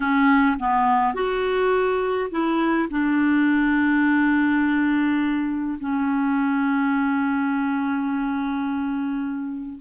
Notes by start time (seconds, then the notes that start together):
0.00 C#4
0.59 B3
1.14 F#4
2.30 E4
2.90 D4
5.80 C#4